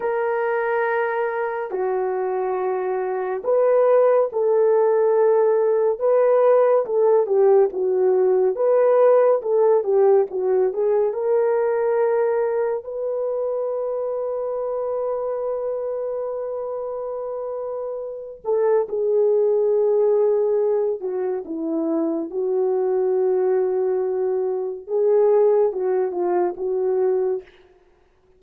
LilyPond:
\new Staff \with { instrumentName = "horn" } { \time 4/4 \tempo 4 = 70 ais'2 fis'2 | b'4 a'2 b'4 | a'8 g'8 fis'4 b'4 a'8 g'8 | fis'8 gis'8 ais'2 b'4~ |
b'1~ | b'4. a'8 gis'2~ | gis'8 fis'8 e'4 fis'2~ | fis'4 gis'4 fis'8 f'8 fis'4 | }